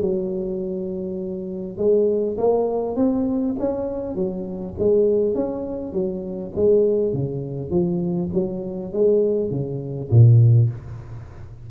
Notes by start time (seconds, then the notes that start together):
0.00 F#3
1.78 G#3
2.38 A#3
2.96 C4
3.59 C#4
4.15 F#3
4.79 G#3
5.35 C#4
5.93 F#3
6.55 G#3
7.13 C#3
7.70 F3
8.34 F#3
8.93 G#3
9.50 C#3
10.10 A#2